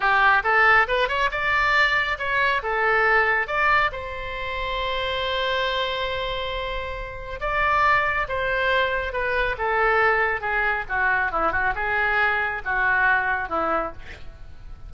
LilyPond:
\new Staff \with { instrumentName = "oboe" } { \time 4/4 \tempo 4 = 138 g'4 a'4 b'8 cis''8 d''4~ | d''4 cis''4 a'2 | d''4 c''2.~ | c''1~ |
c''4 d''2 c''4~ | c''4 b'4 a'2 | gis'4 fis'4 e'8 fis'8 gis'4~ | gis'4 fis'2 e'4 | }